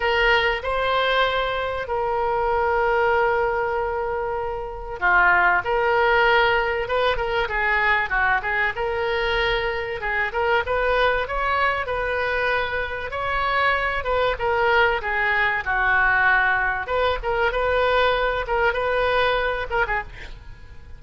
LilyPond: \new Staff \with { instrumentName = "oboe" } { \time 4/4 \tempo 4 = 96 ais'4 c''2 ais'4~ | ais'1 | f'4 ais'2 b'8 ais'8 | gis'4 fis'8 gis'8 ais'2 |
gis'8 ais'8 b'4 cis''4 b'4~ | b'4 cis''4. b'8 ais'4 | gis'4 fis'2 b'8 ais'8 | b'4. ais'8 b'4. ais'16 gis'16 | }